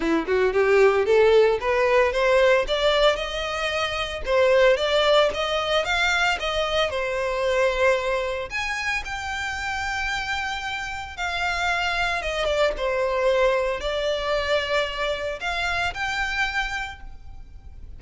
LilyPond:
\new Staff \with { instrumentName = "violin" } { \time 4/4 \tempo 4 = 113 e'8 fis'8 g'4 a'4 b'4 | c''4 d''4 dis''2 | c''4 d''4 dis''4 f''4 | dis''4 c''2. |
gis''4 g''2.~ | g''4 f''2 dis''8 d''8 | c''2 d''2~ | d''4 f''4 g''2 | }